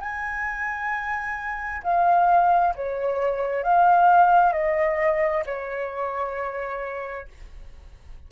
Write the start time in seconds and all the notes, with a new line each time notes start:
0.00 G#5
1.83 F5
2.75 C#5
3.63 F5
4.52 D#5
5.45 C#5